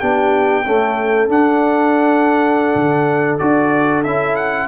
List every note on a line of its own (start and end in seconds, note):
0.00 0.66 B3
0.00 0.65 D4
0.00 0.65 G4
0.00 1.29 G5
0.66 1.30 A3
0.66 1.29 C#4
0.66 4.68 A4
1.29 2.74 D4
1.29 3.40 D4
1.29 3.39 F#5
2.76 3.40 D3
3.39 4.06 D4
3.39 4.04 F#4
3.39 4.03 D5
4.04 4.68 C#4
4.04 4.68 E4
4.04 4.36 E5
4.36 4.68 F#5